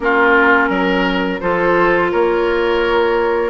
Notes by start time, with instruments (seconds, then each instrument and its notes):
0.00 bassoon A#3, clarinet C#4, oboe F4, flute A#4
0.69 bassoon F#3, oboe A#4
1.40 bassoon F3, clarinet F4, oboe A4, flute C5
2.11 bassoon A#3, oboe A#4, flute C#5